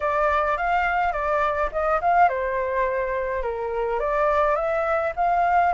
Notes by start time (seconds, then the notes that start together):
0.00 D5
0.57 F5
1.12 D5
1.71 D#5
2.01 F5
2.28 C5
3.42 A#4
3.99 D5
4.55 E5
5.16 F5